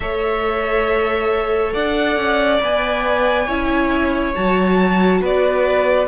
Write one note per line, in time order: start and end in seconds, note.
0.00 1.72 A3
0.00 2.60 A4
0.00 1.73 C#5
0.00 1.73 E5
1.73 2.16 D4
1.73 3.46 D5
1.73 2.60 F#5
2.16 2.59 C#4
2.60 3.47 B3
2.60 3.47 B4
2.60 4.34 G#5
3.46 4.34 C#4
3.46 4.34 E4
3.46 5.20 C#5
4.34 5.21 F#3
4.34 6.07 F#4
4.34 5.21 A5
5.21 6.07 B3
5.21 6.07 B4
5.21 6.07 D5